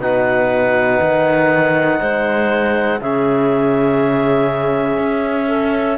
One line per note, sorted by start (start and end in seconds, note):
0.00 1.00 B2
0.00 3.00 D#4
0.00 1.99 B4
0.00 3.01 F#5
1.00 2.00 D#3
1.99 3.00 G#3
1.99 2.99 C5
3.00 4.98 C#3
3.00 5.98 C#4
3.00 5.47 G#4
3.00 5.98 E5
4.98 5.98 C#4
5.47 5.97 A4